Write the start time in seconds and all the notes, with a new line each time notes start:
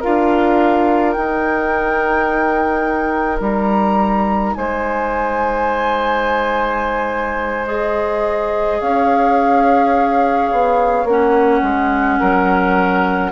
0.00 D4 F4 A#4 F5
1.13 D#4 G5
3.41 G3 A#5
4.55 G#3 C5 G#5
7.67 G#4 D#5
8.80 C#4 C#5 F5
10.52 B3
11.04 A#3 C#4 F#5
11.63 G#3
12.20 F#3 A#4